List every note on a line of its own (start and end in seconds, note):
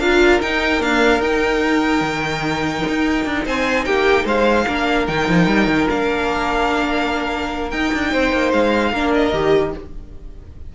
0.00 0.41 D4
0.00 0.42 F4
0.00 3.45 A#4
0.00 0.41 F5
0.42 0.80 D#4
0.42 0.83 D#4
0.42 0.82 G5
0.80 1.20 A#3
0.80 1.20 D4
0.80 1.22 F5
1.20 2.01 D#4
1.20 4.67 D#4
1.20 3.45 G5
2.01 2.82 D#3
2.89 3.25 D#4
3.25 3.46 D4
3.45 3.86 C4
3.45 3.86 C5
3.45 3.85 G#5
3.85 4.25 A#3
3.85 4.25 G4
3.85 4.26 G5
4.25 4.66 G#3
4.25 4.66 C5
4.25 5.07 F5
4.68 5.08 A#3
4.68 5.08 D4
4.68 8.11 A#4
5.07 5.29 D#3
5.07 5.89 D#4
5.07 5.88 G5
5.29 5.47 F3
5.47 5.67 G3
5.67 5.87 D#3
5.89 7.73 A#3
5.89 7.71 D4
5.89 7.71 F5
7.71 8.94 D#4
7.71 7.93 D#4
7.71 8.52 G5
7.94 8.14 D4
8.11 8.33 C4
8.11 8.92 C5
8.33 8.53 A#3
8.53 8.92 G#3
8.53 9.14 F5
8.92 9.33 A#3
8.92 9.34 D4
8.92 9.73 A#4
9.15 9.76 D#5
9.33 9.74 D#3
9.33 9.74 G4